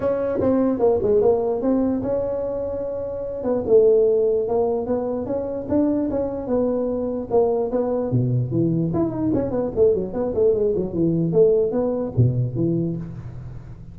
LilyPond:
\new Staff \with { instrumentName = "tuba" } { \time 4/4 \tempo 4 = 148 cis'4 c'4 ais8 gis8 ais4 | c'4 cis'2.~ | cis'8 b8 a2 ais4 | b4 cis'4 d'4 cis'4 |
b2 ais4 b4 | b,4 e4 e'8 dis'8 cis'8 b8 | a8 fis8 b8 a8 gis8 fis8 e4 | a4 b4 b,4 e4 | }